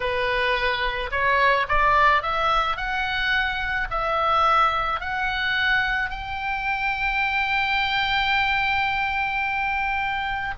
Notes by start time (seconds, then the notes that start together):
0.00 B4
1.11 C#5
1.68 D5
2.22 E5
2.77 F#5
3.90 E5
5.00 F#5
6.10 G5